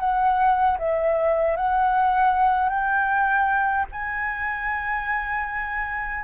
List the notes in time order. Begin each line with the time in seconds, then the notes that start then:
0.00 F#5
0.79 E5
1.57 F#5
2.70 G5
3.92 G#5